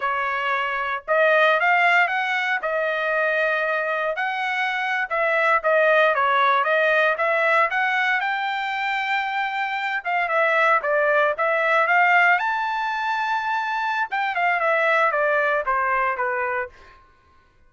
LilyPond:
\new Staff \with { instrumentName = "trumpet" } { \time 4/4 \tempo 4 = 115 cis''2 dis''4 f''4 | fis''4 dis''2. | fis''4.~ fis''16 e''4 dis''4 cis''16~ | cis''8. dis''4 e''4 fis''4 g''16~ |
g''2.~ g''16 f''8 e''16~ | e''8. d''4 e''4 f''4 a''16~ | a''2. g''8 f''8 | e''4 d''4 c''4 b'4 | }